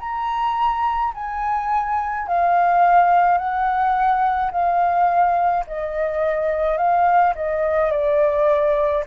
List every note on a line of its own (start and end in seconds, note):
0.00 1.13 A#5
1.14 2.27 G#5
2.27 3.38 F5
3.38 4.51 F#5
4.52 5.65 F5
5.67 6.77 D#5
6.77 7.34 F5
7.36 7.91 D#5
7.91 9.05 D5